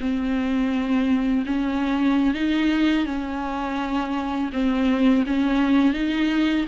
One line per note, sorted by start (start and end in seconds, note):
0.00 1.45 C4
1.46 2.34 C#4
2.34 3.06 D#4
3.06 4.50 C#4
4.52 5.25 C4
5.26 5.93 C#4
5.93 6.66 D#4